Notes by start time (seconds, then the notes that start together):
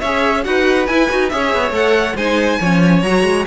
0.00 C#4 G#4 C#5 E5
0.44 D#4 F#4 B4 F#5
0.87 E4 G#5
1.09 D#4 F#4
1.29 C#4 G#4 C#5 E5
1.54 B3
1.70 A3 A4 F#5
2.16 G#3 D#4 C5 G#5
2.59 F3 C#4 C#5
3.02 F#3 F#4 A#5
3.23 G#3